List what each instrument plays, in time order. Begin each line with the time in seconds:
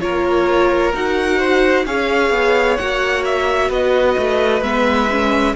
0.00 cello A#3, viola F4, violin A#4 C#5
0.93 cello D#4, viola F#4, violin F#5
1.38 violin C5
1.85 cello C#4, viola G#4, violin C#5 F5
2.30 cello B3
2.77 cello A#3, viola F#4, violin F#5
3.24 violin E5
3.69 cello B3, violin B4 D#5
4.17 cello A3
4.61 cello G#3, viola B3, violin E5
5.10 viola C#4